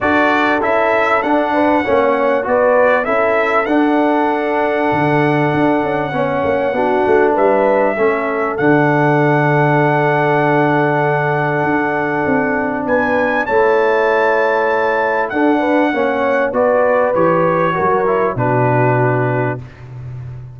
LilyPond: <<
  \new Staff \with { instrumentName = "trumpet" } { \time 4/4 \tempo 4 = 98 d''4 e''4 fis''2 | d''4 e''4 fis''2~ | fis''1 | e''2 fis''2~ |
fis''1~ | fis''4 gis''4 a''2~ | a''4 fis''2 d''4 | cis''2 b'2 | }
  \new Staff \with { instrumentName = "horn" } { \time 4/4 a'2~ a'8 b'8 cis''4 | b'4 a'2.~ | a'2 cis''4 fis'4 | b'4 a'2.~ |
a'1~ | a'4 b'4 cis''2~ | cis''4 a'8 b'8 cis''4 b'4~ | b'4 ais'4 fis'2 | }
  \new Staff \with { instrumentName = "trombone" } { \time 4/4 fis'4 e'4 d'4 cis'4 | fis'4 e'4 d'2~ | d'2 cis'4 d'4~ | d'4 cis'4 d'2~ |
d'1~ | d'2 e'2~ | e'4 d'4 cis'4 fis'4 | g'4 fis'8 e'8 d'2 | }
  \new Staff \with { instrumentName = "tuba" } { \time 4/4 d'4 cis'4 d'4 ais4 | b4 cis'4 d'2 | d4 d'8 cis'8 b8 ais8 b8 a8 | g4 a4 d2~ |
d2. d'4 | c'4 b4 a2~ | a4 d'4 ais4 b4 | e4 fis4 b,2 | }
>>